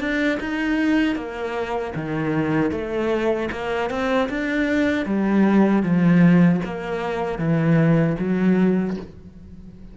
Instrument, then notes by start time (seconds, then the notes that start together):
cello
0.00 D4
0.40 D#4
1.16 A#3
1.96 D#3
2.71 A3
3.52 A#3
3.90 C4
4.29 D4
5.06 G3
5.83 F3
6.65 A#3
7.38 E3
8.19 F#3